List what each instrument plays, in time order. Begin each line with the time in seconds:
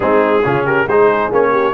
0.00 tuba G#3, trombone C4, horn D#4, trumpet G#4
0.44 tuba C#3, trombone C#4, horn F4
0.65 horn G4, trumpet A#4
0.87 tuba G#3, trombone D#4, horn G#4, trumpet C5
1.31 tuba A#3, trombone C#4, trumpet C#5
1.51 horn G4